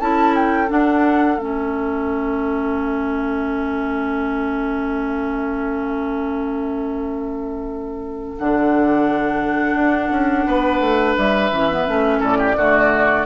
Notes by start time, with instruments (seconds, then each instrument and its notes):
0.00 bassoon C#4, clarinet E4, oboe A4, flute A5
0.35 flute G5
0.68 clarinet D4, bassoon D4, flute F#5
1.38 bassoon A3, clarinet C#4, flute E5
8.39 bassoon D3, clarinet D4, flute F#5
9.75 bassoon D4
10.11 bassoon C#4
10.47 bassoon B3, oboe B4
10.80 bassoon A3
11.17 bassoon G3, flute E5
11.51 bassoon E3, clarinet C#4
11.71 clarinet B3
11.87 bassoon A3, clarinet C#4
12.20 bassoon A2, oboe A4, flute D5
12.38 oboe G4
12.57 bassoon D3, clarinet A3, oboe F#4